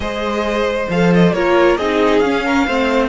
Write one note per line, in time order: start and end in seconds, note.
0.00 0.87 G#3
0.00 0.88 G#4
0.00 1.34 C5
0.00 0.89 D#5
0.89 1.32 F3
0.89 1.35 A4
0.89 1.13 F5
1.14 1.33 D#5
1.32 1.77 A#3
1.32 1.79 F4
1.32 1.78 A#4
1.32 1.77 C#5
1.77 2.20 C4
1.77 2.24 D#4
1.77 2.45 G#4
1.77 2.19 D#5
2.19 2.64 C#4
2.19 2.67 C#4
2.19 3.08 F5
2.45 2.66 A#4
2.66 3.09 A3
2.66 3.09 C4
2.66 3.09 C5